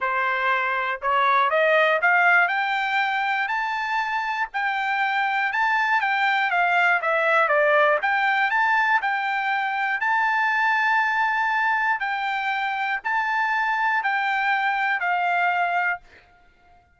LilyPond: \new Staff \with { instrumentName = "trumpet" } { \time 4/4 \tempo 4 = 120 c''2 cis''4 dis''4 | f''4 g''2 a''4~ | a''4 g''2 a''4 | g''4 f''4 e''4 d''4 |
g''4 a''4 g''2 | a''1 | g''2 a''2 | g''2 f''2 | }